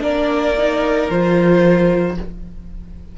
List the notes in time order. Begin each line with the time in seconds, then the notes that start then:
0.00 A#3 D4 A#4 D5
0.58 D#4
1.10 F3 F4 C5